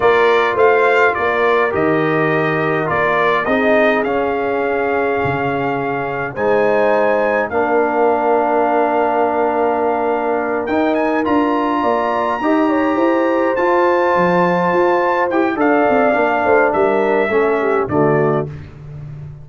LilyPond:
<<
  \new Staff \with { instrumentName = "trumpet" } { \time 4/4 \tempo 4 = 104 d''4 f''4 d''4 dis''4~ | dis''4 d''4 dis''4 f''4~ | f''2. gis''4~ | gis''4 f''2.~ |
f''2~ f''8 g''8 gis''8 ais''8~ | ais''2.~ ais''8 a''8~ | a''2~ a''8 g''8 f''4~ | f''4 e''2 d''4 | }
  \new Staff \with { instrumentName = "horn" } { \time 4/4 ais'4 c''4 ais'2~ | ais'2 gis'2~ | gis'2. c''4~ | c''4 ais'2.~ |
ais'1~ | ais'8 d''4 dis''8 cis''8 c''4.~ | c''2. d''4~ | d''8 c''8 ais'4 a'8 g'8 fis'4 | }
  \new Staff \with { instrumentName = "trombone" } { \time 4/4 f'2. g'4~ | g'4 f'4 dis'4 cis'4~ | cis'2. dis'4~ | dis'4 d'2.~ |
d'2~ d'8 dis'4 f'8~ | f'4. g'2 f'8~ | f'2~ f'8 g'8 a'4 | d'2 cis'4 a4 | }
  \new Staff \with { instrumentName = "tuba" } { \time 4/4 ais4 a4 ais4 dis4~ | dis4 ais4 c'4 cis'4~ | cis'4 cis2 gis4~ | gis4 ais2.~ |
ais2~ ais8 dis'4 d'8~ | d'8 ais4 dis'4 e'4 f'8~ | f'8 f4 f'4 e'8 d'8 c'8 | ais8 a8 g4 a4 d4 | }
>>